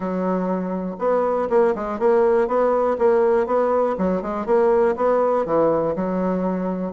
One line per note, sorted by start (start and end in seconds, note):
0.00 0.96 F#3
0.98 1.48 B3
1.49 1.74 A#3
1.75 1.99 G#3
1.99 2.47 A#3
2.47 2.97 B3
2.98 3.46 A#3
3.46 3.96 B3
3.98 4.21 F#3
4.21 4.46 G#3
4.46 4.95 A#3
4.96 5.45 B3
5.45 5.95 E3
5.95 6.92 F#3